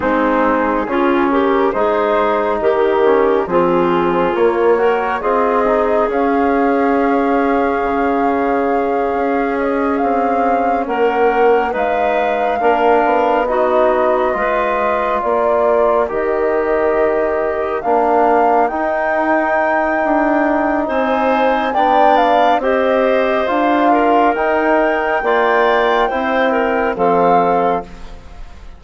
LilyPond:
<<
  \new Staff \with { instrumentName = "flute" } { \time 4/4 \tempo 4 = 69 gis'4. ais'8 c''4 ais'4 | gis'4 cis''4 dis''4 f''4~ | f''2. dis''8 f''8~ | f''8 fis''4 f''2 dis''8~ |
dis''4. d''4 dis''4.~ | dis''8 f''4 g''2~ g''8 | gis''4 g''8 f''8 dis''4 f''4 | g''2. f''4 | }
  \new Staff \with { instrumentName = "clarinet" } { \time 4/4 dis'4 f'8 g'8 gis'4 g'4 | f'4. ais'8 gis'2~ | gis'1~ | gis'8 ais'4 b'4 ais'4 fis'8~ |
fis'8 b'4 ais'2~ ais'8~ | ais'1 | c''4 d''4 c''4. ais'8~ | ais'4 d''4 c''8 ais'8 a'4 | }
  \new Staff \with { instrumentName = "trombone" } { \time 4/4 c'4 cis'4 dis'4. cis'8 | c'4 ais8 fis'8 f'8 dis'8 cis'4~ | cis'1~ | cis'4. dis'4 d'4 dis'8~ |
dis'8 f'2 g'4.~ | g'8 d'4 dis'2~ dis'8~ | dis'4 d'4 g'4 f'4 | dis'4 f'4 e'4 c'4 | }
  \new Staff \with { instrumentName = "bassoon" } { \time 4/4 gis4 cis4 gis4 dis4 | f4 ais4 c'4 cis'4~ | cis'4 cis4. cis'4 c'8~ | c'8 ais4 gis4 ais8 b4~ |
b8 gis4 ais4 dis4.~ | dis8 ais4 dis'4. d'4 | c'4 b4 c'4 d'4 | dis'4 ais4 c'4 f4 | }
>>